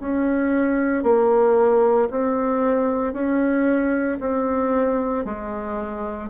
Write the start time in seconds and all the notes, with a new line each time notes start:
0.00 C#4
1.04 A#3
2.11 C4
3.13 C#4
4.20 C4
5.25 G#3